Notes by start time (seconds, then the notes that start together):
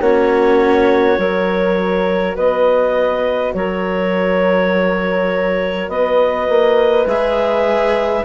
0.00 A#3 C#4 F#4 C#5
1.17 F#3 F#4 A#4
2.36 B3 B4 D#5
3.54 F#3 A#4 C#5
5.88 B3 B4 D#5
6.49 A#3
7.06 G#3 G#4 E5